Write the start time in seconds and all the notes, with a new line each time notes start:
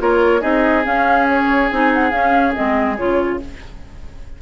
0.00 A#3 F4 A#4 C#5
0.40 C4 D#4 G#4 D#5
0.84 C#4 F5
1.29 C#5
1.70 C4 D#4 G#5
1.94 F#5
2.11 C#4 F5
2.54 G#3 C4 D#5
2.97 C#3 F4 C#5